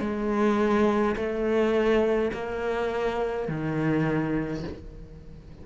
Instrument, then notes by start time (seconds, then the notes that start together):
cello
0.00 G#3
1.16 A3
2.33 A#3
3.48 D#3